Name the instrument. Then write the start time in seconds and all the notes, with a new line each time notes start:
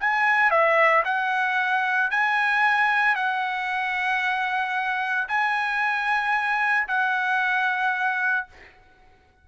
trumpet
0.00 G#5
0.50 E5
1.05 F#5
2.11 G#5
3.15 F#5
5.28 G#5
6.88 F#5